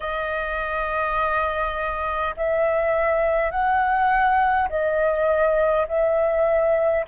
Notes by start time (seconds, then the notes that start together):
0.00 D#5
2.36 E5
3.50 F#5
4.69 D#5
5.88 E5